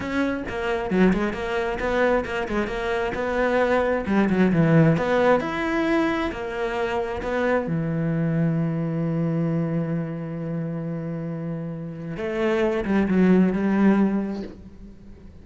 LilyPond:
\new Staff \with { instrumentName = "cello" } { \time 4/4 \tempo 4 = 133 cis'4 ais4 fis8 gis8 ais4 | b4 ais8 gis8 ais4 b4~ | b4 g8 fis8 e4 b4 | e'2 ais2 |
b4 e2.~ | e1~ | e2. a4~ | a8 g8 fis4 g2 | }